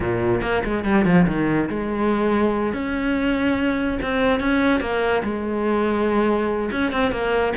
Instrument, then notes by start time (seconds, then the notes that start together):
cello
0.00 A#2
0.41 A#3
0.64 G#3
0.84 G3
1.05 F3
1.27 D#3
1.69 G#3
2.73 C#4
4.02 C4
4.39 C#4
4.80 A#3
5.23 G#3
6.71 C#4
6.91 C4
7.11 A#3